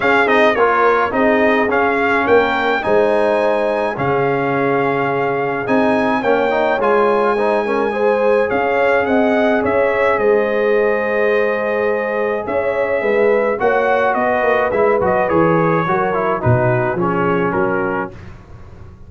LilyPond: <<
  \new Staff \with { instrumentName = "trumpet" } { \time 4/4 \tempo 4 = 106 f''8 dis''8 cis''4 dis''4 f''4 | g''4 gis''2 f''4~ | f''2 gis''4 g''4 | gis''2. f''4 |
fis''4 e''4 dis''2~ | dis''2 e''2 | fis''4 dis''4 e''8 dis''8 cis''4~ | cis''4 b'4 cis''4 ais'4 | }
  \new Staff \with { instrumentName = "horn" } { \time 4/4 gis'4 ais'4 gis'2 | ais'4 c''2 gis'4~ | gis'2. cis''4~ | cis''4 c''8 ais'8 c''4 cis''4 |
dis''4 cis''4 c''2~ | c''2 cis''4 b'4 | cis''4 b'2. | ais'4 fis'4 gis'4 fis'4 | }
  \new Staff \with { instrumentName = "trombone" } { \time 4/4 cis'8 dis'8 f'4 dis'4 cis'4~ | cis'4 dis'2 cis'4~ | cis'2 dis'4 cis'8 dis'8 | f'4 dis'8 cis'8 gis'2~ |
gis'1~ | gis'1 | fis'2 e'8 fis'8 gis'4 | fis'8 e'8 dis'4 cis'2 | }
  \new Staff \with { instrumentName = "tuba" } { \time 4/4 cis'8 c'8 ais4 c'4 cis'4 | ais4 gis2 cis4~ | cis2 c'4 ais4 | gis2. cis'4 |
c'4 cis'4 gis2~ | gis2 cis'4 gis4 | ais4 b8 ais8 gis8 fis8 e4 | fis4 b,4 f4 fis4 | }
>>